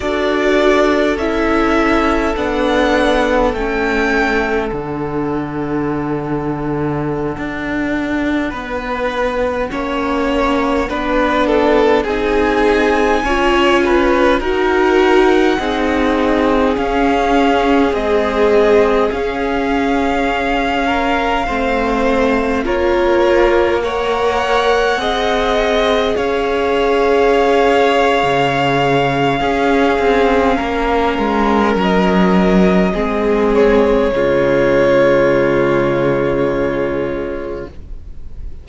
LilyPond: <<
  \new Staff \with { instrumentName = "violin" } { \time 4/4 \tempo 4 = 51 d''4 e''4 fis''4 g''4 | fis''1~ | fis''2~ fis''16 gis''4.~ gis''16~ | gis''16 fis''2 f''4 dis''8.~ |
dis''16 f''2. cis''8.~ | cis''16 fis''2 f''4.~ f''16~ | f''2. dis''4~ | dis''8 cis''2.~ cis''8 | }
  \new Staff \with { instrumentName = "violin" } { \time 4/4 a'1~ | a'2.~ a'16 b'8.~ | b'16 cis''4 b'8 a'8 gis'4 cis''8 b'16~ | b'16 ais'4 gis'2~ gis'8.~ |
gis'4.~ gis'16 ais'8 c''4 ais'8.~ | ais'16 cis''4 dis''4 cis''4.~ cis''16~ | cis''4 gis'4 ais'2 | gis'4 f'2. | }
  \new Staff \with { instrumentName = "viola" } { \time 4/4 fis'4 e'4 d'4 cis'4 | d'1~ | d'16 cis'4 d'4 dis'4 f'8.~ | f'16 fis'4 dis'4 cis'4 gis8.~ |
gis16 cis'2 c'4 f'8.~ | f'16 ais'4 gis'2~ gis'8.~ | gis'4 cis'2. | c'4 gis2. | }
  \new Staff \with { instrumentName = "cello" } { \time 4/4 d'4 cis'4 b4 a4 | d2~ d16 d'4 b8.~ | b16 ais4 b4 c'4 cis'8.~ | cis'16 dis'4 c'4 cis'4 c'8.~ |
c'16 cis'2 a4 ais8.~ | ais4~ ais16 c'4 cis'4.~ cis'16 | cis4 cis'8 c'8 ais8 gis8 fis4 | gis4 cis2. | }
>>